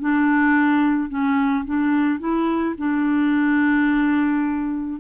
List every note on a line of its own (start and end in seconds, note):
0.00 1.09 D4
1.09 1.65 C#4
1.66 2.20 D4
2.20 2.76 E4
2.78 5.01 D4